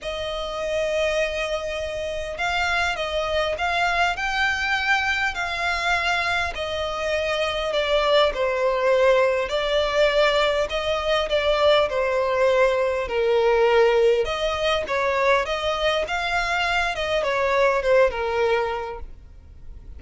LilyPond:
\new Staff \with { instrumentName = "violin" } { \time 4/4 \tempo 4 = 101 dis''1 | f''4 dis''4 f''4 g''4~ | g''4 f''2 dis''4~ | dis''4 d''4 c''2 |
d''2 dis''4 d''4 | c''2 ais'2 | dis''4 cis''4 dis''4 f''4~ | f''8 dis''8 cis''4 c''8 ais'4. | }